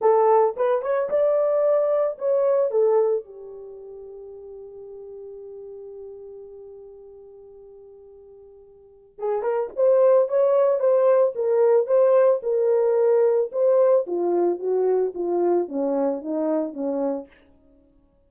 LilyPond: \new Staff \with { instrumentName = "horn" } { \time 4/4 \tempo 4 = 111 a'4 b'8 cis''8 d''2 | cis''4 a'4 g'2~ | g'1~ | g'1~ |
g'4 gis'8 ais'8 c''4 cis''4 | c''4 ais'4 c''4 ais'4~ | ais'4 c''4 f'4 fis'4 | f'4 cis'4 dis'4 cis'4 | }